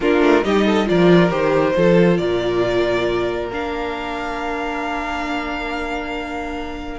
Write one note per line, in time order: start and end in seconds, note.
0.00 0.20 A#3
0.00 0.42 D4
0.00 0.44 F4
0.00 0.44 A#4
0.20 0.42 A3
0.42 0.88 G3
0.42 0.85 D#4
0.42 0.65 G4
0.42 0.87 D#5
0.65 0.87 A4
0.85 1.30 F3
0.85 1.29 F4
0.85 1.76 A#4
0.85 1.30 D5
1.30 1.74 D#3
1.30 1.73 G4
1.30 2.17 C5
1.75 2.19 F3
1.75 3.50 F4
1.75 2.19 A4
2.17 3.50 A#2
2.17 6.98 A#4
2.17 3.49 D5
3.50 6.98 A#3
3.50 6.98 D4
3.50 6.98 F5